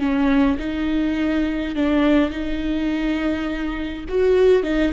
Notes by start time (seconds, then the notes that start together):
0.00 C#4
0.59 D#4
1.76 D4
2.31 D#4
4.09 F#4
4.63 D#4